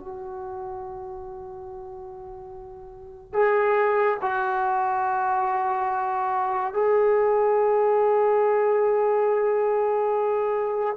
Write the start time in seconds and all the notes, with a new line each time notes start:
0.00 F#4
3.33 G#4
4.22 F#4
6.74 G#4